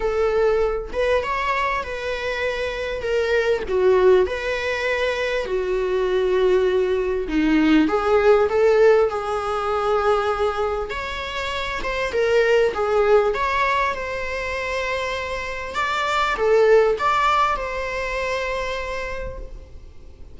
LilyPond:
\new Staff \with { instrumentName = "viola" } { \time 4/4 \tempo 4 = 99 a'4. b'8 cis''4 b'4~ | b'4 ais'4 fis'4 b'4~ | b'4 fis'2. | dis'4 gis'4 a'4 gis'4~ |
gis'2 cis''4. c''8 | ais'4 gis'4 cis''4 c''4~ | c''2 d''4 a'4 | d''4 c''2. | }